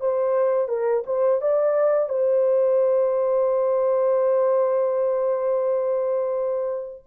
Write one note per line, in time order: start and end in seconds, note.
0.00 0.68 C5
0.68 1.03 A#4
1.06 1.41 C5
1.41 2.09 D5
2.09 7.03 C5